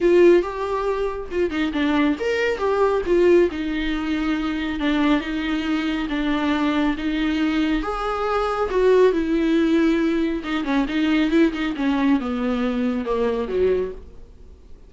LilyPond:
\new Staff \with { instrumentName = "viola" } { \time 4/4 \tempo 4 = 138 f'4 g'2 f'8 dis'8 | d'4 ais'4 g'4 f'4 | dis'2. d'4 | dis'2 d'2 |
dis'2 gis'2 | fis'4 e'2. | dis'8 cis'8 dis'4 e'8 dis'8 cis'4 | b2 ais4 fis4 | }